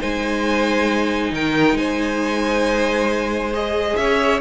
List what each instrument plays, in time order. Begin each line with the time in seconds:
0.00 cello G#3, viola D#4, violin C5 G#5
1.32 cello D#3, violin A#4 G5
1.74 cello G#3, violin C5 G#5
3.53 viola G#4, violin D#5
3.97 cello C#4, violin C#5 E5